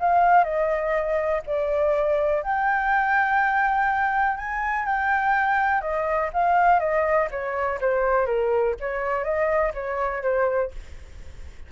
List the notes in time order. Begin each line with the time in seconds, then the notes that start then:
0.00 F5
0.44 D#5
1.47 D5
2.43 G5
4.38 G#5
4.86 G5
5.82 D#5
6.34 F5
6.80 D#5
7.31 C#5
7.81 C5
8.27 A#4
8.80 C#5
9.24 D#5
9.74 C#5
10.23 C5